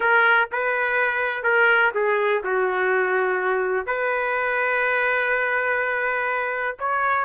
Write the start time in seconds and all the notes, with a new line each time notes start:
0.00 A#4
0.51 B4
1.43 A#4
1.94 G#4
2.43 F#4
3.86 B4
6.79 C#5